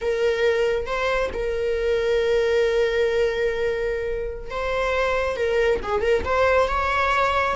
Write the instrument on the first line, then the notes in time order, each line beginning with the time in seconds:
viola
0.01 A#4
0.86 C5
1.33 A#4
4.50 C5
5.36 A#4
5.82 G#4
6.01 A#4
6.24 C5
6.67 C#5